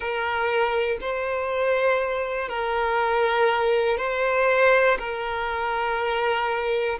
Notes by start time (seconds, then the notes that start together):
0.00 A#4
1.00 C5
2.48 A#4
3.97 C5
4.99 A#4